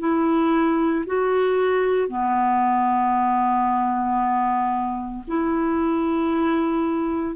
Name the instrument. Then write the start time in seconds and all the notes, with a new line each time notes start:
clarinet
0.00 E4
1.07 F#4
2.09 B3
5.28 E4